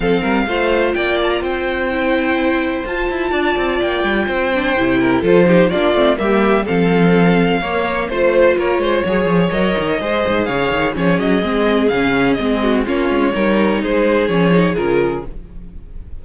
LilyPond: <<
  \new Staff \with { instrumentName = "violin" } { \time 4/4 \tempo 4 = 126 f''2 g''8 a''16 ais''16 g''4~ | g''2 a''2 | g''2. c''4 | d''4 e''4 f''2~ |
f''4 c''4 cis''2 | dis''2 f''4 cis''8 dis''8~ | dis''4 f''4 dis''4 cis''4~ | cis''4 c''4 cis''4 ais'4 | }
  \new Staff \with { instrumentName = "violin" } { \time 4/4 a'8 ais'8 c''4 d''4 c''4~ | c''2. d''4~ | d''4 c''4. ais'8 a'8 g'8 | f'4 g'4 a'2 |
cis''4 c''4 ais'8 c''8 cis''4~ | cis''4 c''4 cis''4 gis'4~ | gis'2~ gis'8 fis'8 f'4 | ais'4 gis'2. | }
  \new Staff \with { instrumentName = "viola" } { \time 4/4 c'4 f'2. | e'2 f'2~ | f'4. d'8 e'4 f'8 dis'8 | d'8 c'8 ais4 c'2 |
ais4 f'2 gis'4 | ais'4 gis'2 cis'4 | c'4 cis'4 c'4 cis'4 | dis'2 cis'8 dis'8 f'4 | }
  \new Staff \with { instrumentName = "cello" } { \time 4/4 f8 g8 a4 ais4 c'4~ | c'2 f'8 e'8 d'8 c'8 | ais8 g8 c'4 c4 f4 | ais8 a8 g4 f2 |
ais4 a4 ais8 gis8 fis8 f8 | fis8 dis8 gis8 gis,8 cis8 dis8 f8 fis8 | gis4 cis4 gis4 ais8 gis8 | g4 gis4 f4 cis4 | }
>>